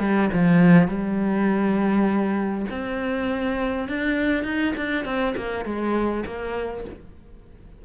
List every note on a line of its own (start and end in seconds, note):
0.00 0.30 G3
0.33 0.88 F3
0.88 2.66 G3
2.71 3.89 C4
3.89 4.44 D4
4.44 4.74 D#4
4.77 5.05 D4
5.05 5.35 C4
5.37 5.65 A#3
5.65 6.25 G#3
6.26 6.85 A#3